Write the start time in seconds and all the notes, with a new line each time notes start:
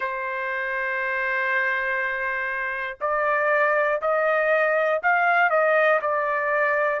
0.00 C5
3.00 D5
4.01 D#5
5.03 F5
5.50 D#5
6.01 D5